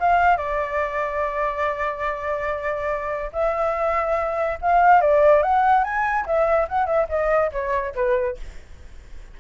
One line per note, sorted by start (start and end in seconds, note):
0.00 0.37 F5
0.37 3.31 D5
3.33 4.59 E5
4.62 5.01 F5
5.01 5.43 D5
5.43 5.84 F#5
5.84 6.26 G#5
6.27 6.68 E5
6.69 6.87 F#5
6.87 7.08 E5
7.09 7.51 D#5
7.52 7.94 C#5
7.95 8.37 B4